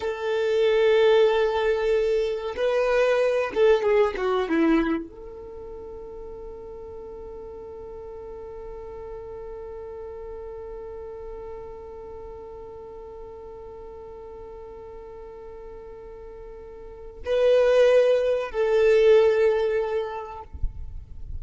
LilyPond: \new Staff \with { instrumentName = "violin" } { \time 4/4 \tempo 4 = 94 a'1 | b'4. a'8 gis'8 fis'8 e'4 | a'1~ | a'1~ |
a'1~ | a'1~ | a'2. b'4~ | b'4 a'2. | }